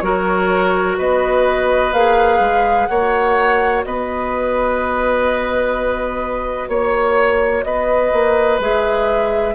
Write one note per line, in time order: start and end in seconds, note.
0.00 0.97 F#3
0.00 1.92 F#4
0.00 0.98 A#4
0.00 0.95 C#5
0.98 1.93 B3
0.98 2.88 B4
0.98 1.93 D#5
1.93 2.39 A#3
1.93 2.89 G#4
1.93 2.86 F5
2.39 2.87 G#3
2.86 3.84 A#3
2.86 8.61 F#4
2.86 3.85 C#5
2.86 3.81 F#5
3.84 6.68 B3
3.84 6.69 B4
3.84 6.70 D#5
6.68 7.63 A#3
6.68 7.64 C#5
7.64 8.12 B3
7.64 9.55 B4
7.64 8.59 D#5
8.12 8.59 A#3
8.59 9.54 G#3
8.59 9.55 G#4
8.59 9.55 E5